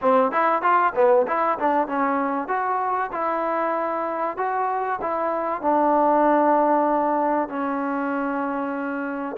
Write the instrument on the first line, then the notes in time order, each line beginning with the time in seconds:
trombone
0.01 C4
0.31 E4
0.62 F4
0.95 B3
1.27 E4
1.59 D4
1.87 C#4
2.48 F#4
3.12 E4
4.37 F#4
5.01 E4
5.61 D4
7.48 C#4